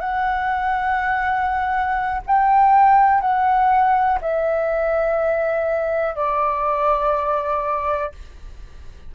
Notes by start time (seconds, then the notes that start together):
0.00 F#5
2.27 G5
3.21 F#5
4.21 E5
6.16 D5